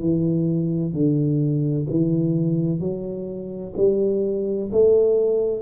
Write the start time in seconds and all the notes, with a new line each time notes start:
0.00 E3
0.93 D3
1.90 E3
2.80 F#3
3.77 G3
4.72 A3